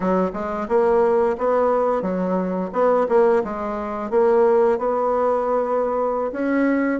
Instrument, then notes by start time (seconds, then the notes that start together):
bassoon
0.00 F#3
0.33 G#3
0.68 A#3
1.38 B3
2.01 F#3
2.72 B3
3.08 A#3
3.44 G#3
4.10 A#3
4.78 B3
6.32 C#4